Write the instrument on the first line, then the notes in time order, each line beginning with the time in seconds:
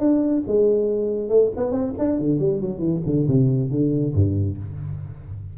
tuba
0.00 D4
0.47 G#3
1.29 A3
1.57 B3
1.72 C4
1.99 D4
2.19 D3
2.39 G3
2.61 F#3
2.79 E3
3.06 D3
3.28 C3
3.71 D3
4.15 G2